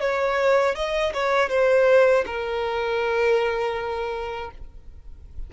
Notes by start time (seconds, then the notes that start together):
0.00 C#5
0.75 D#5
1.13 C#5
1.49 C5
2.25 A#4